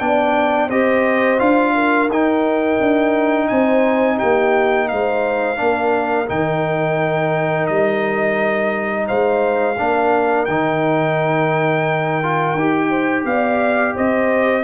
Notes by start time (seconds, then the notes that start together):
0.00 B3 D4 D5 G5
0.68 C4 G4 C5 D#5
1.39 D4 F4 F5
1.75 A#4
2.09 D#4 G5
2.80 D4
3.48 C4 C5 G#5
4.17 A#3 G4 G5
4.89 G#3 C5 F5
5.57 A#3 D4 A#4
6.27 D#3 D#4 G5
7.67 G3 D#5
9.07 G#3 C5 F5
9.77 A#3 D4 A#4
10.45 D#3 D#4 G5
12.23 F4
12.55 D#4 G4
12.90 C5
13.25 B3 D5 F5
13.95 C4 C5 D#5